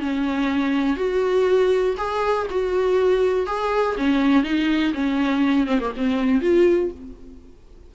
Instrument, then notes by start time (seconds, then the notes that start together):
viola
0.00 C#4
0.96 F#4
1.97 G#4
2.50 F#4
3.46 G#4
3.97 C#4
4.43 D#4
4.94 C#4
5.67 C4
5.80 A#3
5.97 C4
6.41 F4